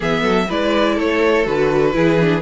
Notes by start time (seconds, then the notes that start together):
0.00 E3 B3 G#4 E5
0.21 F#3 A4
0.48 G#3 E4 B4 D5
0.95 A3 A4 C#5
1.44 D3 F#4 B4
1.92 E3 E4 G#4
2.20 D4